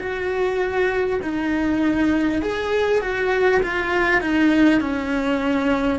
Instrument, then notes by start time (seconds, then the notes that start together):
cello
0.00 F#4
1.22 D#4
2.42 G#4
3.01 F#4
3.62 F4
4.20 D#4
4.80 C#4